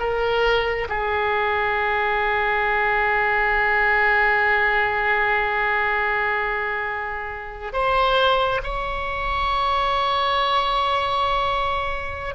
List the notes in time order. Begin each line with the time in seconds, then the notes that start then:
0.00 A#4
0.89 G#4
7.73 C5
8.64 C#5